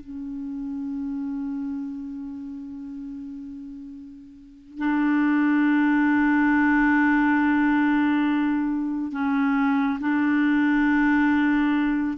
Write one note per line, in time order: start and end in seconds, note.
0.00 4.78 C#4
4.78 9.11 D4
9.11 9.98 C#4
10.00 12.17 D4